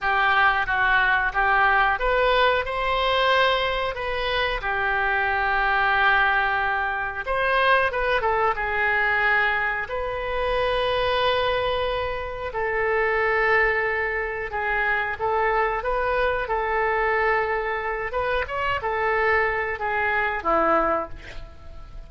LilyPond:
\new Staff \with { instrumentName = "oboe" } { \time 4/4 \tempo 4 = 91 g'4 fis'4 g'4 b'4 | c''2 b'4 g'4~ | g'2. c''4 | b'8 a'8 gis'2 b'4~ |
b'2. a'4~ | a'2 gis'4 a'4 | b'4 a'2~ a'8 b'8 | cis''8 a'4. gis'4 e'4 | }